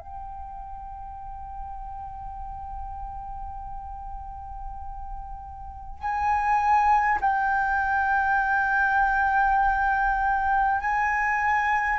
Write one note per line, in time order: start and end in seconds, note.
0.00 5.99 G5
5.99 7.19 G#5
7.21 10.81 G5
10.81 11.99 G#5